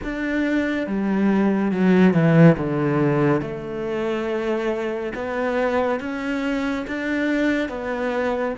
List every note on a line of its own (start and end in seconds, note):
0.03 0.86 D4
0.86 1.71 G3
1.71 2.13 F#3
2.13 2.56 E3
2.57 3.41 D3
3.41 5.12 A3
5.14 6.00 B3
6.00 6.85 C#4
6.87 7.68 D4
7.68 8.54 B3